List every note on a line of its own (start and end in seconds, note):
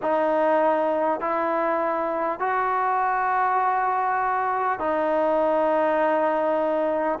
0.02 1.20 D#4
1.20 2.39 E4
2.39 4.79 F#4
4.79 7.19 D#4